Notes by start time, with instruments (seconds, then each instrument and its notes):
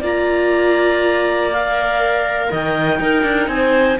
0.00 cello A#3, viola F4, clarinet D5 A#5
1.52 viola A#4, clarinet F5
2.51 cello D#3, clarinet D#5 G5
2.99 viola D#4, cello D#4, clarinet A#4
3.23 cello D4
3.47 cello C4, clarinet G#5
3.54 clarinet C5